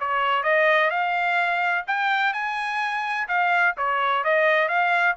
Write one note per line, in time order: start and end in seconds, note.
0.00 0.43 C#5
0.43 0.90 D#5
0.90 1.85 F5
1.87 2.33 G5
2.33 3.27 G#5
3.28 3.75 F5
3.77 4.24 C#5
4.24 4.68 D#5
4.68 5.16 F5